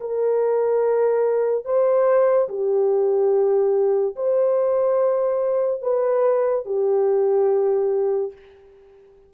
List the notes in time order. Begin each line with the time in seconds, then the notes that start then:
0.00 A#4
1.65 C5
2.48 G4
4.16 C5
5.82 B4
6.65 G4